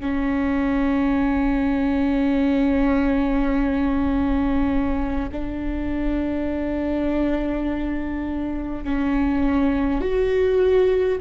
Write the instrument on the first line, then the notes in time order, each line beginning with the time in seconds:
viola
0.00 C#4
5.32 D4
8.84 C#4
10.01 F#4